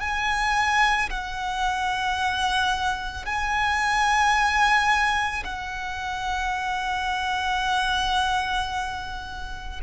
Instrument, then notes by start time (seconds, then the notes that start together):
violin
0.00 G#5
1.10 F#5
3.25 G#5
5.44 F#5